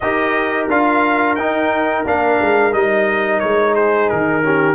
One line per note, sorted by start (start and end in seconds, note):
0.00 0.68 D#4
0.00 0.69 G4
0.00 3.74 A#4
0.00 0.67 D#5
0.68 1.37 D4
0.68 1.38 F4
0.68 1.35 F5
1.35 2.05 D#4
1.35 2.03 G5
2.05 2.39 A#3
2.05 2.72 D4
2.05 2.73 F5
2.41 2.73 G#3
2.72 3.41 G3
2.72 4.42 D#4
2.72 3.39 D#5
3.39 4.11 G#3
3.39 3.73 C#5
3.74 4.42 G#4
3.74 4.09 C5
4.09 4.74 D#3
4.09 4.74 A#4
4.42 4.74 C#4
4.42 4.74 G4